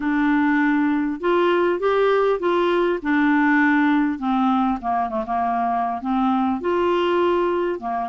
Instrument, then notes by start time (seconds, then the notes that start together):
clarinet
0.00 D4
1.20 F4
1.79 G4
2.39 F4
3.02 D4
4.18 C4
4.81 A#3
5.09 A3
5.26 A#3
6.01 C4
6.61 F4
7.79 A#3